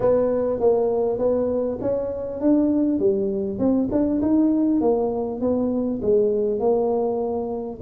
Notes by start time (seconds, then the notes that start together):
0.00 B3
0.60 A#3
1.18 B3
1.81 C#4
2.41 D4
2.99 G3
3.58 C4
3.91 D4
4.21 D#4
4.81 A#3
5.41 B3
6.02 G#3
6.59 A#3